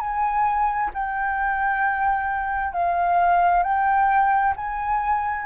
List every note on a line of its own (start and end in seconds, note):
0.00 0.91 G#5
0.94 2.74 G5
2.74 3.64 F5
3.64 4.55 G5
4.57 5.47 G#5